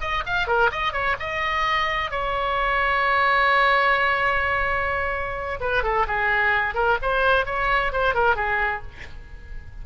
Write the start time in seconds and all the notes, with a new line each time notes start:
0.00 D#5
0.26 F5
0.47 A#4
0.71 D#5
0.92 C#5
1.19 D#5
2.10 C#5
5.60 B4
5.83 A4
6.07 G#4
6.74 A#4
7.01 C5
7.45 C#5
7.92 C5
8.14 A#4
8.35 G#4